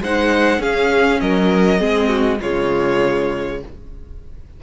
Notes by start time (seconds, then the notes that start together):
0.00 G#3 D#4 C5 F#5
0.58 C#4 G#4 F5
1.20 F#3 A#4 D#5
1.78 G#3 C4 G#4
2.08 F#4
2.40 C#3 G#3 F4 C#5